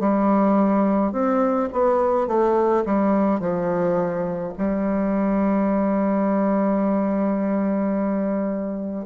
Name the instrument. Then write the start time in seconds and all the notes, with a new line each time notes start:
bassoon
0.00 G3
1.12 C4
1.73 B3
2.27 A3
2.86 G3
3.40 F3
4.57 G3